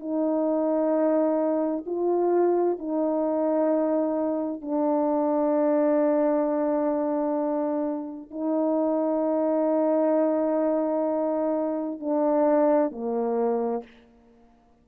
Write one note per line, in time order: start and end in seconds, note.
0.00 1.85 D#4
1.86 2.79 F4
2.79 4.62 D#4
4.62 8.31 D4
8.31 12.00 D#4
12.00 12.91 D4
12.91 13.84 A#3